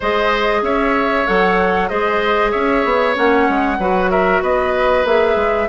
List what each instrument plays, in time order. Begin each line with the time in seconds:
0.00 bassoon G#3, clarinet G#4, oboe C5, flute D#5
0.62 bassoon C#4, oboe C#5, flute E5
1.26 bassoon F#3, clarinet A4, flute F#5
1.88 bassoon G#3, clarinet G#4, oboe C5, flute D#5
2.51 bassoon C#4, oboe C#5, flute E5
2.84 bassoon B3
3.14 bassoon A#3, clarinet C#4, flute F#5
3.49 bassoon G#3
3.78 bassoon F#3, clarinet F#4, oboe B4
4.10 oboe A#4, flute E5
4.42 bassoon B3, oboe B4, flute D#5
5.04 bassoon A#3, clarinet G#4, flute E5
5.35 bassoon G#3